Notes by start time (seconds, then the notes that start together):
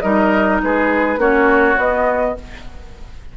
0.00 G3 D#4 A#4 D#5
0.62 G#3 G#4 B4
1.17 A#3 C#4 F#4 C#5
1.77 B3 D#5